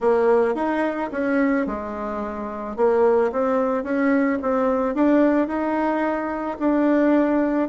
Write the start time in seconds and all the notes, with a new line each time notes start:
0.00 A#3
0.55 D#4
1.11 C#4
1.66 G#3
2.76 A#3
3.32 C4
3.83 C#4
4.42 C4
4.94 D4
5.47 D#4
6.59 D4